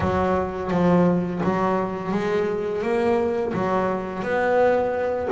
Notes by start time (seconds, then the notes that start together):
0.00 F#3
0.70 F3
1.43 F#3
2.11 G#3
2.82 A#3
3.53 F#3
4.23 B3